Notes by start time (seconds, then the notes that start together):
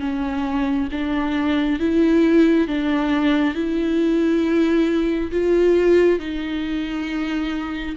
0.00 C#4
0.91 D4
1.80 E4
2.68 D4
3.55 E4
5.31 F4
6.19 D#4